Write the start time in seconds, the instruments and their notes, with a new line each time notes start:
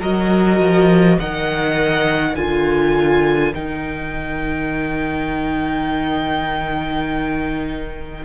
0.00 cello F#3, viola F#4, violin A#4 D#5
0.60 cello F3
1.20 cello D#3, viola A#4, violin D#5 F#5
2.34 cello D3, viola F4, violin A#4 G#5
3.55 cello D#3, viola D#4, violin G5